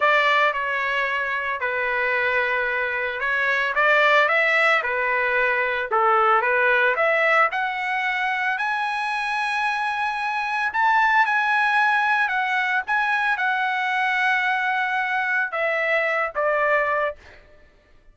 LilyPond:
\new Staff \with { instrumentName = "trumpet" } { \time 4/4 \tempo 4 = 112 d''4 cis''2 b'4~ | b'2 cis''4 d''4 | e''4 b'2 a'4 | b'4 e''4 fis''2 |
gis''1 | a''4 gis''2 fis''4 | gis''4 fis''2.~ | fis''4 e''4. d''4. | }